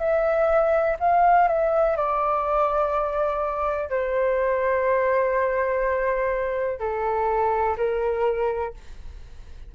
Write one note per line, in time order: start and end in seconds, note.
0.00 0.97 E5
1.00 1.49 F5
1.49 1.97 E5
1.97 3.90 D5
3.90 6.80 C5
6.80 7.77 A4
7.77 8.74 A#4